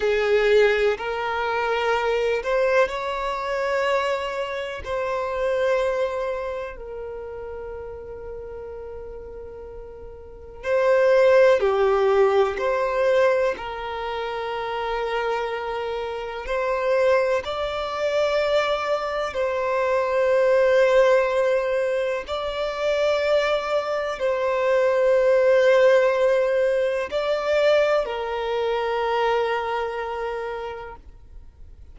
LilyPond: \new Staff \with { instrumentName = "violin" } { \time 4/4 \tempo 4 = 62 gis'4 ais'4. c''8 cis''4~ | cis''4 c''2 ais'4~ | ais'2. c''4 | g'4 c''4 ais'2~ |
ais'4 c''4 d''2 | c''2. d''4~ | d''4 c''2. | d''4 ais'2. | }